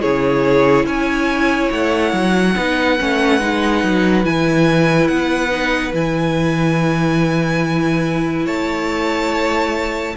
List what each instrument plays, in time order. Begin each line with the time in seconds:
0.00 cello C#3, viola E4, violin G#4 C#5
0.85 cello C#4, violin C#5 G#5
1.71 cello A3, violin F#5
2.12 cello F#3
2.55 cello B3, viola D#4, violin B4
2.99 cello A3, viola C#4
3.40 cello G#3, viola D#4
3.83 cello F#3
4.23 cello E3, viola E4, violin G#5
5.07 cello B3, violin F#5
5.50 viola D#4
5.92 cello E3, viola E4, violin G#5
8.45 cello A3, violin C#5 A5